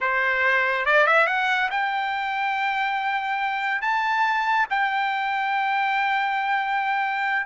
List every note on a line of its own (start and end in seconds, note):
0.00 0.85 C5
0.85 1.06 D5
1.06 1.26 E5
1.26 1.69 F#5
1.70 3.81 G5
3.81 4.67 A5
4.69 7.46 G5